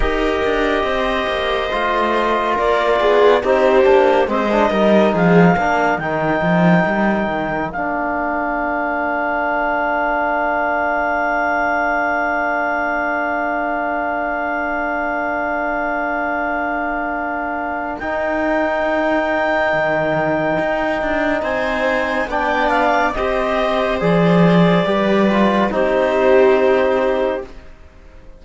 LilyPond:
<<
  \new Staff \with { instrumentName = "clarinet" } { \time 4/4 \tempo 4 = 70 dis''2. d''4 | c''4 dis''4 f''4 g''4~ | g''4 f''2.~ | f''1~ |
f''1~ | f''4 g''2.~ | g''4 gis''4 g''8 f''8 dis''4 | d''2 c''2 | }
  \new Staff \with { instrumentName = "viola" } { \time 4/4 ais'4 c''2 ais'8 gis'8 | g'4 c''8 ais'8 gis'8 ais'4.~ | ais'1~ | ais'1~ |
ais'1~ | ais'1~ | ais'4 c''4 d''4 c''4~ | c''4 b'4 g'2 | }
  \new Staff \with { instrumentName = "trombone" } { \time 4/4 g'2 f'2 | dis'8 d'8 c'16 d'16 dis'4 d'8 dis'4~ | dis'4 d'2.~ | d'1~ |
d'1~ | d'4 dis'2.~ | dis'2 d'4 g'4 | gis'4 g'8 f'8 dis'2 | }
  \new Staff \with { instrumentName = "cello" } { \time 4/4 dis'8 d'8 c'8 ais8 a4 ais8 b8 | c'8 ais8 gis8 g8 f8 ais8 dis8 f8 | g8 dis8 ais2.~ | ais1~ |
ais1~ | ais4 dis'2 dis4 | dis'8 d'8 c'4 b4 c'4 | f4 g4 c'2 | }
>>